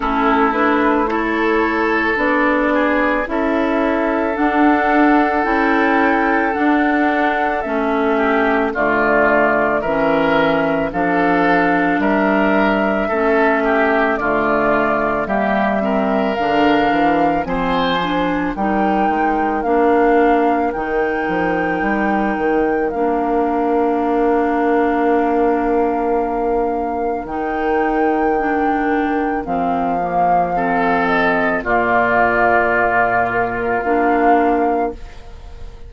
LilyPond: <<
  \new Staff \with { instrumentName = "flute" } { \time 4/4 \tempo 4 = 55 a'8 b'8 cis''4 d''4 e''4 | fis''4 g''4 fis''4 e''4 | d''4 e''4 f''4 e''4~ | e''4 d''4 e''4 f''4 |
gis''4 g''4 f''4 g''4~ | g''4 f''2.~ | f''4 g''2 f''4~ | f''8 dis''8 d''4. ais'8 f''4 | }
  \new Staff \with { instrumentName = "oboe" } { \time 4/4 e'4 a'4. gis'8 a'4~ | a'2.~ a'8 g'8 | f'4 ais'4 a'4 ais'4 | a'8 g'8 f'4 g'8 ais'4. |
c''4 ais'2.~ | ais'1~ | ais'1 | a'4 f'2. | }
  \new Staff \with { instrumentName = "clarinet" } { \time 4/4 cis'8 d'8 e'4 d'4 e'4 | d'4 e'4 d'4 cis'4 | a4 cis'4 d'2 | cis'4 a4 ais8 c'8 d'4 |
c'8 d'8 dis'4 d'4 dis'4~ | dis'4 d'2.~ | d'4 dis'4 d'4 c'8 ais8 | c'4 ais2 d'4 | }
  \new Staff \with { instrumentName = "bassoon" } { \time 4/4 a2 b4 cis'4 | d'4 cis'4 d'4 a4 | d4 e4 f4 g4 | a4 d4 g4 d8 e8 |
f4 g8 gis8 ais4 dis8 f8 | g8 dis8 ais2.~ | ais4 dis2 f4~ | f4 ais,2 ais4 | }
>>